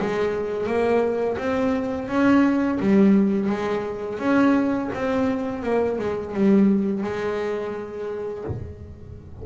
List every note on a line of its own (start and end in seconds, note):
0.00 0.67 G#3
0.67 1.37 A#3
1.38 2.08 C4
2.08 2.79 C#4
2.80 3.50 G3
3.50 4.19 G#3
4.19 4.90 C#4
4.94 5.63 C4
5.63 5.99 A#3
5.99 6.34 G#3
6.34 7.04 G3
7.04 8.45 G#3